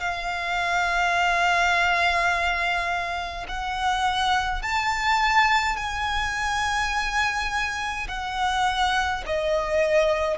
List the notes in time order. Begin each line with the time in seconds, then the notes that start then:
0.00 F5
3.48 F#5
4.62 A5
5.76 G#5
8.08 F#5
9.26 D#5